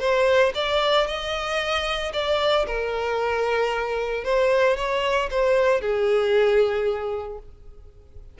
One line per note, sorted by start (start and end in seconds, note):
0.00 0.53 C5
0.55 1.07 D5
1.07 2.12 D#5
2.13 2.66 D5
2.67 4.24 A#4
4.24 4.77 C5
4.77 5.29 C#5
5.31 5.81 C5
5.81 7.39 G#4